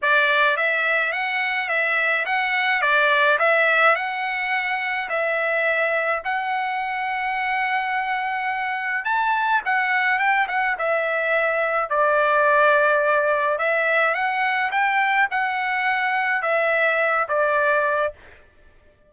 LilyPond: \new Staff \with { instrumentName = "trumpet" } { \time 4/4 \tempo 4 = 106 d''4 e''4 fis''4 e''4 | fis''4 d''4 e''4 fis''4~ | fis''4 e''2 fis''4~ | fis''1 |
a''4 fis''4 g''8 fis''8 e''4~ | e''4 d''2. | e''4 fis''4 g''4 fis''4~ | fis''4 e''4. d''4. | }